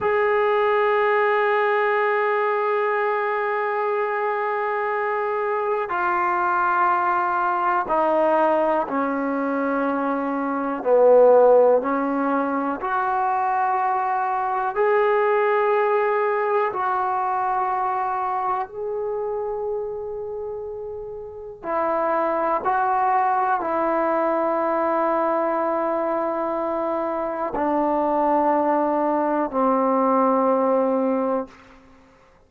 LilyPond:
\new Staff \with { instrumentName = "trombone" } { \time 4/4 \tempo 4 = 61 gis'1~ | gis'2 f'2 | dis'4 cis'2 b4 | cis'4 fis'2 gis'4~ |
gis'4 fis'2 gis'4~ | gis'2 e'4 fis'4 | e'1 | d'2 c'2 | }